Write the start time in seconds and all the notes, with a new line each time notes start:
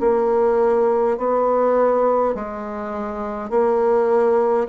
0.00 A#3
1.18 B3
2.35 G#3
3.50 A#3